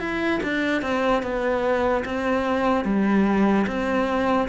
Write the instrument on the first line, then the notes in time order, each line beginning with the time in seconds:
cello
0.00 E4
0.43 D4
0.82 C4
1.23 B3
2.05 C4
2.85 G3
3.67 C4